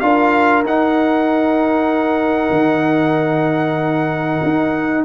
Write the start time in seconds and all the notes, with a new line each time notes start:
0.00 D4 F4 A#4 F5
0.64 D#4 F#5
2.51 D#3
4.44 D#4